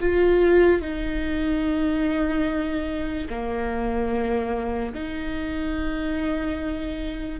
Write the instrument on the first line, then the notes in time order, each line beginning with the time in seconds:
viola
0.00 F4
0.81 D#4
3.29 A#3
4.94 D#4